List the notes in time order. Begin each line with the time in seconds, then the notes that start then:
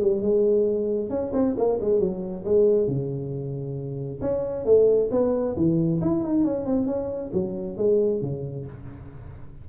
0.00 G3
0.21 G#3
1.09 C#4
1.33 C4
1.57 A#3
1.80 G#3
1.99 F#3
2.44 G#3
2.87 C#3
4.21 C#4
4.65 A3
5.11 B3
5.56 E3
6.01 E4
6.23 D#4
6.44 C#4
6.65 C4
6.86 C#4
7.33 F#3
7.77 G#3
8.21 C#3